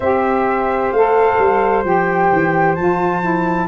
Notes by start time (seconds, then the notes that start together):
0.00 C4 G4 C5 E5
0.91 A3 A4 F5
1.38 G3
1.84 F3 G4 G5
2.32 E3
2.75 F3 F4 A5
3.21 E4